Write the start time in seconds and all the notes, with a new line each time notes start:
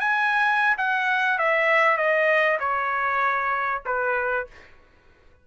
0.00 G#5
0.78 F#5
1.38 E5
1.97 D#5
2.60 C#5
3.85 B4